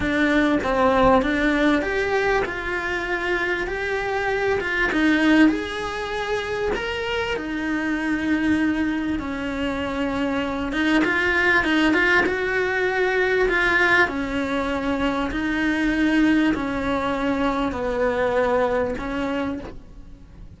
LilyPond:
\new Staff \with { instrumentName = "cello" } { \time 4/4 \tempo 4 = 98 d'4 c'4 d'4 g'4 | f'2 g'4. f'8 | dis'4 gis'2 ais'4 | dis'2. cis'4~ |
cis'4. dis'8 f'4 dis'8 f'8 | fis'2 f'4 cis'4~ | cis'4 dis'2 cis'4~ | cis'4 b2 cis'4 | }